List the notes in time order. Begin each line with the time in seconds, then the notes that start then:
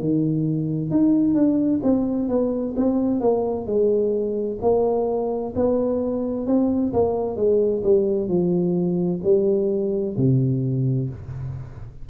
0.00 D#3
0.91 D#4
1.34 D4
1.83 C4
2.29 B3
2.77 C4
3.21 A#3
3.66 G#3
4.62 A#3
5.56 B3
6.47 C4
6.93 A#3
7.36 G#3
7.84 G3
8.28 F3
9.23 G3
10.17 C3